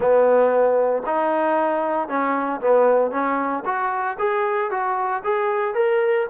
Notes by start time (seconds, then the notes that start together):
0.00 B3
1.06 D#4
2.08 C#4
2.60 B3
3.11 C#4
3.65 F#4
4.18 G#4
4.70 F#4
5.24 G#4
5.74 A#4